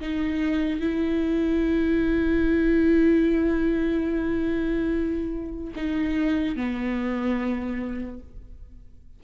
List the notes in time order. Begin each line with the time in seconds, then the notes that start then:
0.00 D#4
0.80 E4
5.76 D#4
6.56 B3